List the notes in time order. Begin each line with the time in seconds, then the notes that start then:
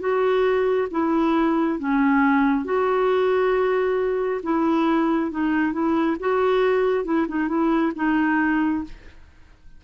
0.00 F#4
0.91 E4
1.79 C#4
2.65 F#4
4.43 E4
5.31 D#4
5.73 E4
6.20 F#4
7.05 E4
7.28 D#4
7.48 E4
7.96 D#4